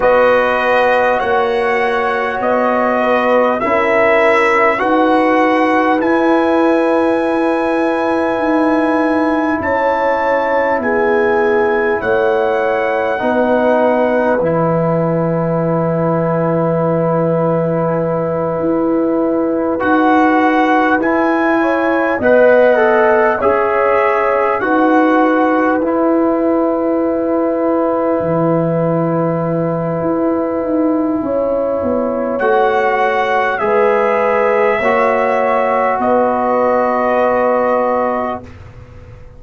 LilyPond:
<<
  \new Staff \with { instrumentName = "trumpet" } { \time 4/4 \tempo 4 = 50 dis''4 fis''4 dis''4 e''4 | fis''4 gis''2. | a''4 gis''4 fis''2 | gis''1~ |
gis''8 fis''4 gis''4 fis''4 e''8~ | e''8 fis''4 gis''2~ gis''8~ | gis''2. fis''4 | e''2 dis''2 | }
  \new Staff \with { instrumentName = "horn" } { \time 4/4 b'4 cis''4. b'8 ais'4 | b'1 | cis''4 gis'4 cis''4 b'4~ | b'1~ |
b'2 cis''8 dis''4 cis''8~ | cis''8 b'2.~ b'8~ | b'2 cis''2 | b'4 cis''4 b'2 | }
  \new Staff \with { instrumentName = "trombone" } { \time 4/4 fis'2. e'4 | fis'4 e'2.~ | e'2. dis'4 | e'1~ |
e'8 fis'4 e'4 b'8 a'8 gis'8~ | gis'8 fis'4 e'2~ e'8~ | e'2. fis'4 | gis'4 fis'2. | }
  \new Staff \with { instrumentName = "tuba" } { \time 4/4 b4 ais4 b4 cis'4 | dis'4 e'2 dis'4 | cis'4 b4 a4 b4 | e2.~ e8 e'8~ |
e'8 dis'4 e'4 b4 cis'8~ | cis'8 dis'4 e'2 e8~ | e4 e'8 dis'8 cis'8 b8 a4 | gis4 ais4 b2 | }
>>